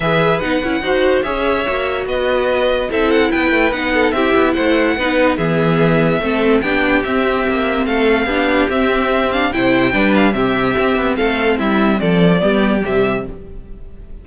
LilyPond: <<
  \new Staff \with { instrumentName = "violin" } { \time 4/4 \tempo 4 = 145 e''4 fis''2 e''4~ | e''4 dis''2 e''8 fis''8 | g''4 fis''4 e''4 fis''4~ | fis''4 e''2. |
g''4 e''2 f''4~ | f''4 e''4. f''8 g''4~ | g''8 f''8 e''2 f''4 | e''4 d''2 e''4 | }
  \new Staff \with { instrumentName = "violin" } { \time 4/4 b'2 c''4 cis''4~ | cis''4 b'2 a'4 | b'4. a'8 g'4 c''4 | b'4 gis'2 a'4 |
g'2. a'4 | g'2. c''4 | b'4 g'2 a'4 | e'4 a'4 g'2 | }
  \new Staff \with { instrumentName = "viola" } { \time 4/4 gis'4 dis'8 e'8 fis'4 gis'4 | fis'2. e'4~ | e'4 dis'4 e'2 | dis'4 b2 c'4 |
d'4 c'2. | d'4 c'4. d'8 e'4 | d'4 c'2.~ | c'2 b4 g4 | }
  \new Staff \with { instrumentName = "cello" } { \time 4/4 e4 b8 cis'8 dis'4 cis'4 | ais4 b2 c'4 | b8 a8 b4 c'8 b8 a4 | b4 e2 a4 |
b4 c'4 ais4 a4 | b4 c'2 c4 | g4 c4 c'8 b8 a4 | g4 f4 g4 c4 | }
>>